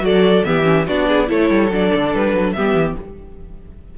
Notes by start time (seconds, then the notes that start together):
0.00 F#3 F#4 A4 D5
0.44 E3 B3 G4 E5
0.63 C#4
0.87 B3 D4 F#4 D5
1.07 G#4
1.27 A3 E4 A4 C#5
1.49 G3
1.70 F#3 D4 D5
1.95 D3
2.14 G3 B4
2.33 F#3
2.52 G3 B3 G4 E5
2.74 E3